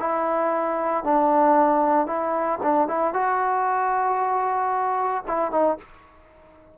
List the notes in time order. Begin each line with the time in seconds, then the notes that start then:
0.00 E4
1.04 D4
2.07 E4
2.63 D4
2.88 E4
3.13 F#4
5.28 E4
5.52 D#4